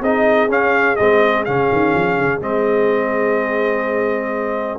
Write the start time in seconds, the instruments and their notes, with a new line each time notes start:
0.00 tuba C4, trombone D#4, horn G#4, trumpet D#5
0.48 tuba C#4, trombone C#4, trumpet F5
0.96 tuba G#3, trombone C4, trumpet D#5
1.44 tuba C#3, trombone C#4, trumpet F5
1.72 tuba D#3
1.94 tuba F3
2.17 tuba C#3
2.41 tuba G#3, trombone C4, trumpet D#5